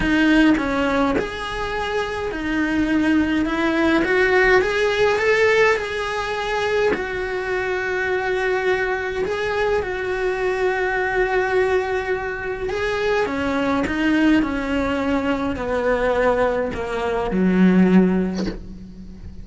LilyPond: \new Staff \with { instrumentName = "cello" } { \time 4/4 \tempo 4 = 104 dis'4 cis'4 gis'2 | dis'2 e'4 fis'4 | gis'4 a'4 gis'2 | fis'1 |
gis'4 fis'2.~ | fis'2 gis'4 cis'4 | dis'4 cis'2 b4~ | b4 ais4 fis2 | }